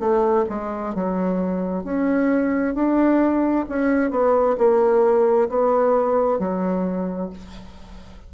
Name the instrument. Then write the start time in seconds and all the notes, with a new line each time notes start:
bassoon
0.00 A3
0.50 G#3
0.95 F#3
1.84 C#4
2.75 D4
3.69 C#4
4.11 B3
4.58 A#3
5.49 B3
6.39 F#3